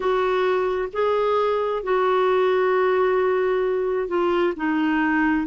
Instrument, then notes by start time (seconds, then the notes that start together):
clarinet
0.00 F#4
0.93 G#4
1.83 F#4
4.07 F4
4.56 D#4